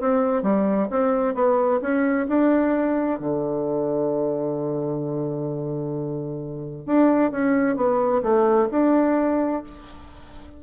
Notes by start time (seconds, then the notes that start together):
0.00 C4
0.42 G3
0.90 C4
1.34 B3
1.81 C#4
2.28 D4
3.20 D3
6.86 D4
7.31 C#4
7.76 B3
8.23 A3
8.71 D4